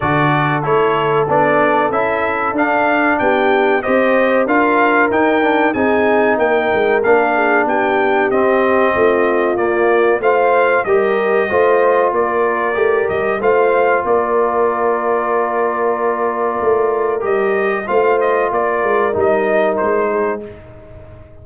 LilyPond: <<
  \new Staff \with { instrumentName = "trumpet" } { \time 4/4 \tempo 4 = 94 d''4 cis''4 d''4 e''4 | f''4 g''4 dis''4 f''4 | g''4 gis''4 g''4 f''4 | g''4 dis''2 d''4 |
f''4 dis''2 d''4~ | d''8 dis''8 f''4 d''2~ | d''2. dis''4 | f''8 dis''8 d''4 dis''4 c''4 | }
  \new Staff \with { instrumentName = "horn" } { \time 4/4 a'1~ | a'4 g'4 c''4 ais'4~ | ais'4 gis'4 ais'4. gis'8 | g'2 f'2 |
c''4 ais'4 c''4 ais'4~ | ais'4 c''4 ais'2~ | ais'1 | c''4 ais'2~ ais'8 gis'8 | }
  \new Staff \with { instrumentName = "trombone" } { \time 4/4 fis'4 e'4 d'4 e'4 | d'2 g'4 f'4 | dis'8 d'8 dis'2 d'4~ | d'4 c'2 ais4 |
f'4 g'4 f'2 | g'4 f'2.~ | f'2. g'4 | f'2 dis'2 | }
  \new Staff \with { instrumentName = "tuba" } { \time 4/4 d4 a4 b4 cis'4 | d'4 b4 c'4 d'4 | dis'4 c'4 ais8 gis8 ais4 | b4 c'4 a4 ais4 |
a4 g4 a4 ais4 | a8 g8 a4 ais2~ | ais2 a4 g4 | a4 ais8 gis8 g4 gis4 | }
>>